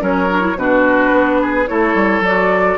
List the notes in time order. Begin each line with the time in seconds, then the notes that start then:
0.00 F#3 C#4 A#4 C#5
0.29 D4
0.41 E4
0.56 B2 D4 F#4 B4
1.12 B3
1.42 G#4
1.67 A3 E4 A4 C#5
1.95 G3
2.21 F#3 F#4 D5